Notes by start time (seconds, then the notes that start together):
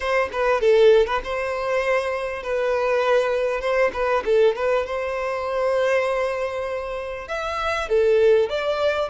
0.00 C5
0.32 B4
0.60 A4
1.06 B4
1.23 C5
2.42 B4
3.61 C5
3.93 B4
4.25 A4
4.55 B4
4.85 C5
7.28 E5
7.88 A4
8.49 D5